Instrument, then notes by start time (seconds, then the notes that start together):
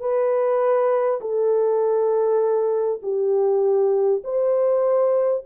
horn
0.00 B4
1.21 A4
3.02 G4
4.24 C5